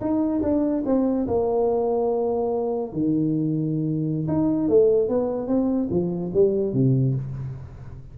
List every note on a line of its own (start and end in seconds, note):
0.00 0.41 D#4
0.42 0.83 D4
0.85 1.27 C4
1.27 2.92 A#3
2.92 4.27 D#3
4.28 4.68 D#4
4.68 5.08 A3
5.08 5.47 B3
5.47 5.88 C4
5.90 6.31 F3
6.33 6.73 G3
6.73 7.14 C3